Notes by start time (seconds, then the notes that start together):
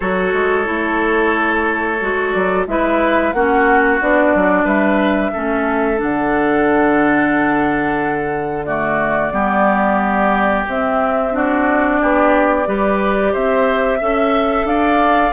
0.00 F#3 F#4 A4 C#5
0.33 G#3
0.64 A3 E4
2.00 G#3 F#4
2.32 F#3 D5
2.66 G#3 E4 B4 E5
3.32 A#3 C#4 F#4 F#5
4.00 B3 D4 D5
4.34 F#3
4.64 G3 B4 E5
5.32 A3 C#4 A4
5.96 D3 D4 F#5
8.65 A3 F#4 D5
9.32 G3 B3 G4
10.67 C4 E5
11.32 D4 F#4 D5
12.01 B3 G4
12.66 G3 G4 B4
13.32 C4 C5 E5
13.98 C#4 A4 E5
14.64 D4 D5 F5